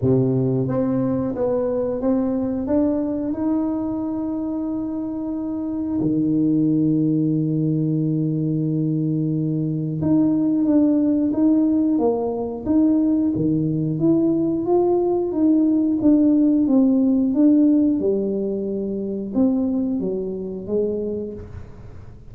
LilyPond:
\new Staff \with { instrumentName = "tuba" } { \time 4/4 \tempo 4 = 90 c4 c'4 b4 c'4 | d'4 dis'2.~ | dis'4 dis2.~ | dis2. dis'4 |
d'4 dis'4 ais4 dis'4 | dis4 e'4 f'4 dis'4 | d'4 c'4 d'4 g4~ | g4 c'4 fis4 gis4 | }